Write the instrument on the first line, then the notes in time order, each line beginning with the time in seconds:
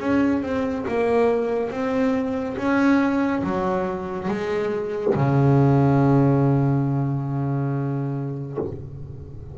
double bass
0.00 C#4
0.42 C4
0.88 A#3
1.71 C4
2.58 C#4
3.44 F#3
4.29 G#3
5.15 C#3